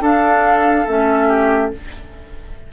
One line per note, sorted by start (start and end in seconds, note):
0.00 0.85 D4
0.00 1.28 A4
0.00 0.86 F5
0.86 1.72 A3
0.86 1.73 C#4
0.86 1.71 E5
1.28 1.70 G4